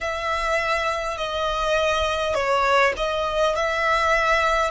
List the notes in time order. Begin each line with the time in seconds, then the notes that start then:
0.00 E5
1.17 D#5
2.34 C#5
2.97 D#5
3.56 E5